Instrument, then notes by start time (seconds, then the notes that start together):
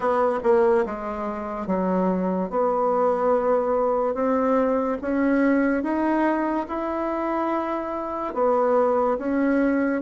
bassoon
0.00 B3
0.43 A#3
0.85 G#3
1.66 F#3
2.50 B3
4.14 C4
5.02 C#4
5.83 D#4
6.68 E4
8.34 B3
9.18 C#4